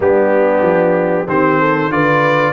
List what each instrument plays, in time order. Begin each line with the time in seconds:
0.00 tuba G3, trombone B3, horn D4, trumpet G4
0.62 tuba F3
1.27 tuba D#3, trombone C4, horn G4, trumpet C5
1.59 horn A4
1.89 tuba D3, trombone F4, horn B4, trumpet D5